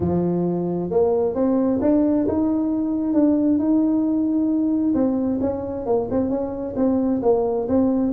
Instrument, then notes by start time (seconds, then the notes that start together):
tuba
0.00 F3
0.90 A#3
1.34 C4
1.81 D4
2.28 D#4
3.13 D4
3.58 D#4
4.94 C4
5.41 C#4
5.86 A#3
6.10 C4
6.29 C#4
6.75 C4
7.22 A#3
7.68 C4